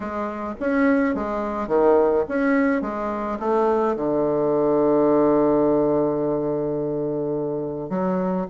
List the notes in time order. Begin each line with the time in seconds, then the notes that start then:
0.00 G#3
0.60 C#4
1.14 G#3
1.67 D#3
2.28 C#4
2.81 G#3
3.39 A3
3.96 D3
7.89 F#3